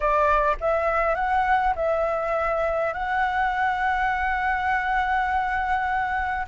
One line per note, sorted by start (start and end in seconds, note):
0.00 0.56 D5
0.60 1.15 E5
1.15 1.74 F#5
1.75 2.93 E5
2.93 6.46 F#5